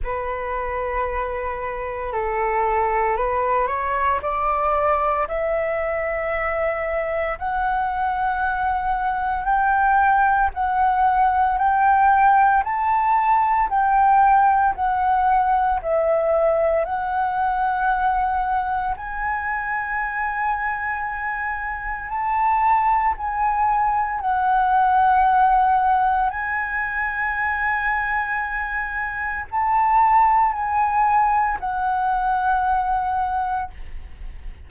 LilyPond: \new Staff \with { instrumentName = "flute" } { \time 4/4 \tempo 4 = 57 b'2 a'4 b'8 cis''8 | d''4 e''2 fis''4~ | fis''4 g''4 fis''4 g''4 | a''4 g''4 fis''4 e''4 |
fis''2 gis''2~ | gis''4 a''4 gis''4 fis''4~ | fis''4 gis''2. | a''4 gis''4 fis''2 | }